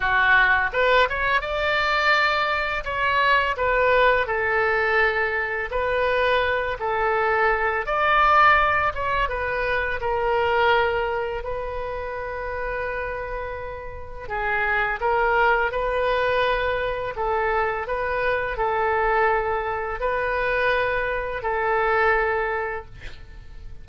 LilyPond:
\new Staff \with { instrumentName = "oboe" } { \time 4/4 \tempo 4 = 84 fis'4 b'8 cis''8 d''2 | cis''4 b'4 a'2 | b'4. a'4. d''4~ | d''8 cis''8 b'4 ais'2 |
b'1 | gis'4 ais'4 b'2 | a'4 b'4 a'2 | b'2 a'2 | }